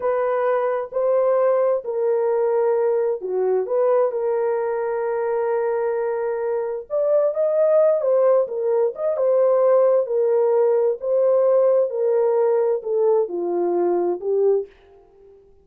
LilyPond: \new Staff \with { instrumentName = "horn" } { \time 4/4 \tempo 4 = 131 b'2 c''2 | ais'2. fis'4 | b'4 ais'2.~ | ais'2. d''4 |
dis''4. c''4 ais'4 dis''8 | c''2 ais'2 | c''2 ais'2 | a'4 f'2 g'4 | }